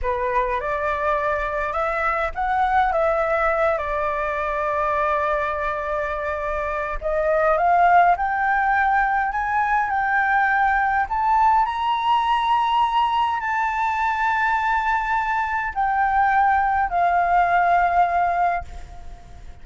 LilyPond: \new Staff \with { instrumentName = "flute" } { \time 4/4 \tempo 4 = 103 b'4 d''2 e''4 | fis''4 e''4. d''4.~ | d''1 | dis''4 f''4 g''2 |
gis''4 g''2 a''4 | ais''2. a''4~ | a''2. g''4~ | g''4 f''2. | }